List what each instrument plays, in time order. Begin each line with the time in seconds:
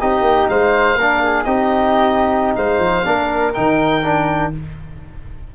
0.00 tuba C4, trombone D#4, flute G4, oboe D#5
0.21 tuba A#3
0.48 tuba G#3, flute C5, oboe F5
0.95 tuba A#3, trombone D4, flute A#4
1.23 flute G#4
1.44 tuba C4, trombone D#4, flute G4, oboe D#5
2.55 tuba G#3, flute C5, oboe F5
2.79 tuba F3
3.05 tuba A#3, trombone D4, flute A#4
3.53 tuba D#3, trombone D#4, oboe G5
4.04 trombone D4